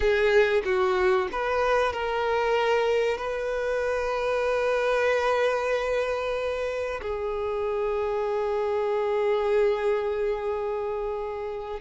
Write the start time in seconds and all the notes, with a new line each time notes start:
0.00 G#4
0.64 F#4
1.32 B4
1.92 A#4
3.17 B4
7.01 G#4